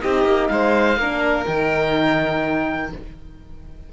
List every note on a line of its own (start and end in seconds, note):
0.00 0.24 C4
0.00 0.97 D#4
0.00 0.51 G4
0.00 0.48 D#5
0.24 0.49 A#3
0.48 0.97 G#3
0.48 0.99 C5
0.48 1.44 F5
0.97 1.45 A#3
0.97 1.47 D4
0.97 2.92 A#4
1.46 2.92 D#3
1.46 2.92 D#4
1.46 2.91 G5